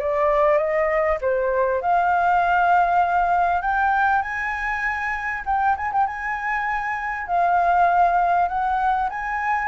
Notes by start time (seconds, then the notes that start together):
0.00 D5
0.58 D#5
1.22 C5
1.82 F5
3.62 G5
4.23 G#5
5.46 G5
5.77 G#5
5.93 G5
6.07 G#5
7.28 F5
8.49 F#5
9.10 G#5